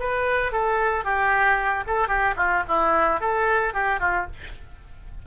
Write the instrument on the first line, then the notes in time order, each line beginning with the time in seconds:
oboe
0.00 B4
0.52 A4
1.05 G4
1.87 A4
2.08 G4
2.37 F4
2.68 E4
3.21 A4
3.74 G4
4.00 F4